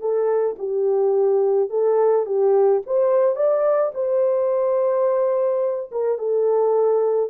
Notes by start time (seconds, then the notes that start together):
0.00 A4
0.59 G4
1.70 A4
2.26 G4
2.86 C5
3.36 D5
3.94 C5
5.91 A#4
6.18 A4